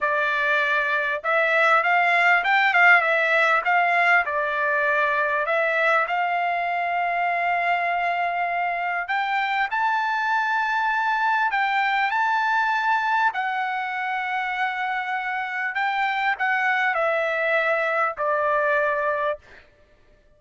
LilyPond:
\new Staff \with { instrumentName = "trumpet" } { \time 4/4 \tempo 4 = 99 d''2 e''4 f''4 | g''8 f''8 e''4 f''4 d''4~ | d''4 e''4 f''2~ | f''2. g''4 |
a''2. g''4 | a''2 fis''2~ | fis''2 g''4 fis''4 | e''2 d''2 | }